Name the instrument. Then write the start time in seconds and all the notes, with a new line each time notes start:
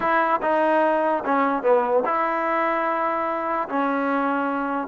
trombone
0.00 E4
0.42 D#4
1.24 C#4
1.63 B3
2.05 E4
3.68 C#4